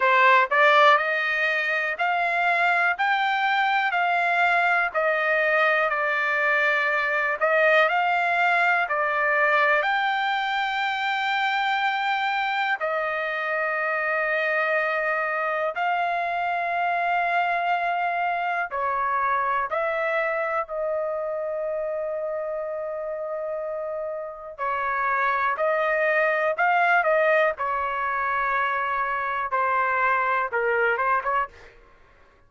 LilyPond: \new Staff \with { instrumentName = "trumpet" } { \time 4/4 \tempo 4 = 61 c''8 d''8 dis''4 f''4 g''4 | f''4 dis''4 d''4. dis''8 | f''4 d''4 g''2~ | g''4 dis''2. |
f''2. cis''4 | e''4 dis''2.~ | dis''4 cis''4 dis''4 f''8 dis''8 | cis''2 c''4 ais'8 c''16 cis''16 | }